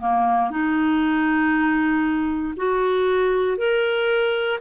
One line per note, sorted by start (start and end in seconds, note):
0.00 0.51 A#3
0.51 2.54 D#4
2.57 3.58 F#4
3.58 4.59 A#4